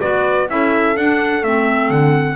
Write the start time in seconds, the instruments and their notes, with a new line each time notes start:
0.00 double bass B3, clarinet F#4, horn B4, trumpet D5
0.49 double bass C#4, clarinet E4, horn A4, trumpet E5
0.96 double bass D4, clarinet D4, trumpet F#5
1.42 double bass A3, clarinet C4, trumpet E5
1.90 double bass D3, trumpet F#5